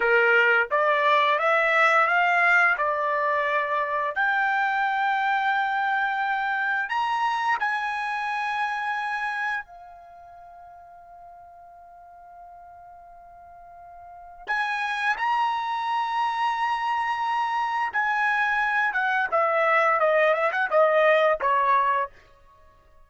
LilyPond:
\new Staff \with { instrumentName = "trumpet" } { \time 4/4 \tempo 4 = 87 ais'4 d''4 e''4 f''4 | d''2 g''2~ | g''2 ais''4 gis''4~ | gis''2 f''2~ |
f''1~ | f''4 gis''4 ais''2~ | ais''2 gis''4. fis''8 | e''4 dis''8 e''16 fis''16 dis''4 cis''4 | }